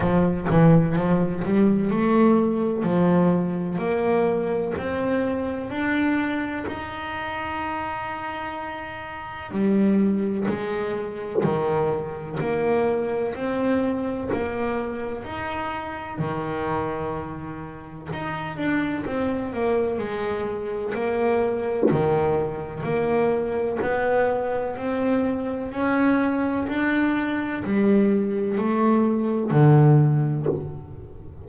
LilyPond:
\new Staff \with { instrumentName = "double bass" } { \time 4/4 \tempo 4 = 63 f8 e8 f8 g8 a4 f4 | ais4 c'4 d'4 dis'4~ | dis'2 g4 gis4 | dis4 ais4 c'4 ais4 |
dis'4 dis2 dis'8 d'8 | c'8 ais8 gis4 ais4 dis4 | ais4 b4 c'4 cis'4 | d'4 g4 a4 d4 | }